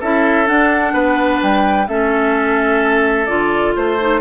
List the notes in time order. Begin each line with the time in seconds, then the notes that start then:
0.00 C#4 E4 A4 E5
0.46 D4 F#5
0.93 B3 B4
1.42 G3 G5
1.88 A3 C#4 A4 E5
3.26 D3 F4 D5
3.75 A3 C5
4.00 D#4